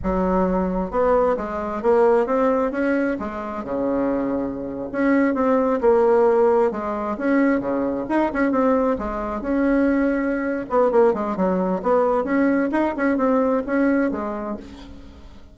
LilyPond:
\new Staff \with { instrumentName = "bassoon" } { \time 4/4 \tempo 4 = 132 fis2 b4 gis4 | ais4 c'4 cis'4 gis4 | cis2~ cis8. cis'4 c'16~ | c'8. ais2 gis4 cis'16~ |
cis'8. cis4 dis'8 cis'8 c'4 gis16~ | gis8. cis'2~ cis'8. b8 | ais8 gis8 fis4 b4 cis'4 | dis'8 cis'8 c'4 cis'4 gis4 | }